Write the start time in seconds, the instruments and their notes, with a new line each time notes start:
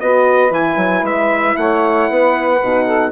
0.00 bassoon B3, horn F#4, saxophone B4, trumpet D#5
0.51 bassoon E3, horn E4, trumpet G#5
0.76 bassoon F#3
1.02 bassoon G#3, trumpet E5
1.57 bassoon A3, saxophone C#5, trumpet F#5
2.09 bassoon B3, saxophone B4
2.62 bassoon B2, horn D#4
2.85 saxophone A4